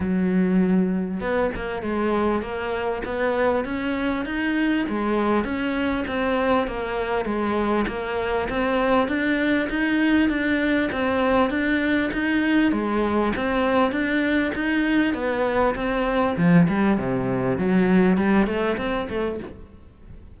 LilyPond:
\new Staff \with { instrumentName = "cello" } { \time 4/4 \tempo 4 = 99 fis2 b8 ais8 gis4 | ais4 b4 cis'4 dis'4 | gis4 cis'4 c'4 ais4 | gis4 ais4 c'4 d'4 |
dis'4 d'4 c'4 d'4 | dis'4 gis4 c'4 d'4 | dis'4 b4 c'4 f8 g8 | c4 fis4 g8 a8 c'8 a8 | }